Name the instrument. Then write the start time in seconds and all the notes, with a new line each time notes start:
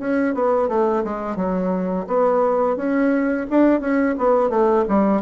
bassoon
0.00 C#4
0.35 B3
0.68 A3
1.04 G#3
1.37 F#3
2.07 B3
2.77 C#4
3.50 D4
3.81 C#4
4.19 B3
4.50 A3
4.89 G3